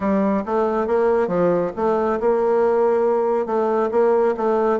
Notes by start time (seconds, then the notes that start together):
0.00 G3
0.45 A3
0.87 A#3
1.27 F3
1.76 A3
2.20 A#3
3.46 A3
3.91 A#3
4.36 A3